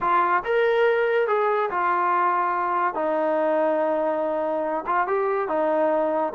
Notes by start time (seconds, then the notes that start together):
0.00 F4
0.44 A#4
1.27 G#4
1.70 F4
2.94 D#4
4.86 F4
5.07 G4
5.48 D#4